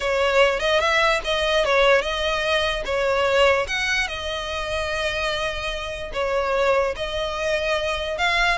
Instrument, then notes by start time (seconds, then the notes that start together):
violin
0.00 C#5
0.59 D#5
0.80 E5
1.24 D#5
1.64 C#5
2.01 D#5
2.85 C#5
3.67 F#5
4.07 D#5
6.13 C#5
6.96 D#5
8.17 F5